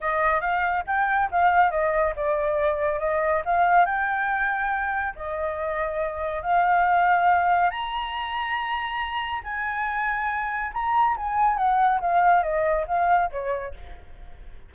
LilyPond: \new Staff \with { instrumentName = "flute" } { \time 4/4 \tempo 4 = 140 dis''4 f''4 g''4 f''4 | dis''4 d''2 dis''4 | f''4 g''2. | dis''2. f''4~ |
f''2 ais''2~ | ais''2 gis''2~ | gis''4 ais''4 gis''4 fis''4 | f''4 dis''4 f''4 cis''4 | }